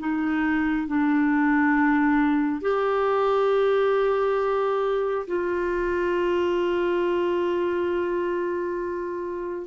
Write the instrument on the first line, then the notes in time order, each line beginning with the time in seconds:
clarinet
0.00 D#4
0.88 D4
2.62 G4
5.27 F4